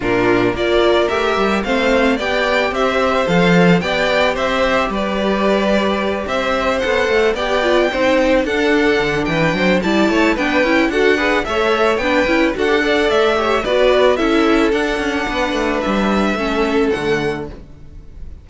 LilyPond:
<<
  \new Staff \with { instrumentName = "violin" } { \time 4/4 \tempo 4 = 110 ais'4 d''4 e''4 f''4 | g''4 e''4 f''4 g''4 | e''4 d''2~ d''8 e''8~ | e''8 fis''4 g''2 fis''8~ |
fis''4 g''4 a''4 g''4 | fis''4 e''4 g''4 fis''4 | e''4 d''4 e''4 fis''4~ | fis''4 e''2 fis''4 | }
  \new Staff \with { instrumentName = "violin" } { \time 4/4 f'4 ais'2 c''4 | d''4 c''2 d''4 | c''4 b'2~ b'8 c''8~ | c''4. d''4 c''4 a'8~ |
a'4 b'8 c''8 d''8 cis''8 b'4 | a'8 b'8 cis''4 b'4 a'8 d''8~ | d''8 cis''8 b'4 a'2 | b'2 a'2 | }
  \new Staff \with { instrumentName = "viola" } { \time 4/4 d'4 f'4 g'4 c'4 | g'2 a'4 g'4~ | g'1~ | g'8 a'4 g'8 f'8 dis'4 d'8~ |
d'2 e'4 d'8 e'8 | fis'8 gis'8 a'4 d'8 e'8 fis'16 g'16 a'8~ | a'8 g'8 fis'4 e'4 d'4~ | d'2 cis'4 a4 | }
  \new Staff \with { instrumentName = "cello" } { \time 4/4 ais,4 ais4 a8 g8 a4 | b4 c'4 f4 b4 | c'4 g2~ g8 c'8~ | c'8 b8 a8 b4 c'4 d'8~ |
d'8 d8 e8 fis8 g8 a8 b8 cis'8 | d'4 a4 b8 cis'8 d'4 | a4 b4 cis'4 d'8 cis'8 | b8 a8 g4 a4 d4 | }
>>